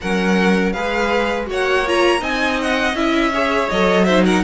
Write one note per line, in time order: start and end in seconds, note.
0.01 0.76 F#3
0.01 0.74 C#4
0.01 0.73 A#4
0.01 0.72 F#5
0.72 1.50 G#3
0.72 1.46 G#4
0.72 1.47 B4
0.72 1.46 F5
1.46 2.21 A#3
1.46 1.83 F#4
1.46 2.20 C#5
1.52 1.88 F#5
1.87 2.19 F4
1.87 2.23 A#5
2.19 2.93 C4
2.19 2.93 D#4
2.19 3.31 D#5
2.19 2.60 G#5
2.62 2.95 F#5
2.93 3.67 C#4
2.93 3.32 E4
2.93 3.69 E5
3.33 3.70 G#4
3.33 4.05 C#5
3.69 4.44 F#3
3.69 4.08 A4
3.69 4.04 D#5
4.04 4.44 D#4
4.04 4.24 C5
4.04 4.23 E5
4.24 4.43 A#4
4.24 4.44 F#5